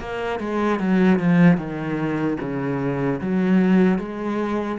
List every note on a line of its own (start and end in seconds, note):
0.00 0.39 A#3
0.39 0.79 G#3
0.79 1.19 F#3
1.19 1.57 F3
1.57 2.37 D#3
2.40 3.20 C#3
3.21 3.98 F#3
3.98 4.78 G#3